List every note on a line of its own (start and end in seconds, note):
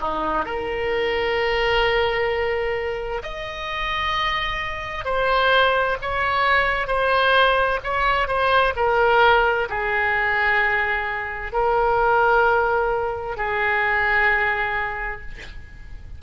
0.00 0.45 D#4
0.45 3.22 A#4
3.22 5.04 D#5
5.04 5.97 C5
6.01 6.87 C#5
6.87 7.79 C5
7.83 8.27 C#5
8.27 8.73 C5
8.76 9.68 A#4
9.69 11.52 G#4
11.52 13.36 A#4
13.36 15.21 G#4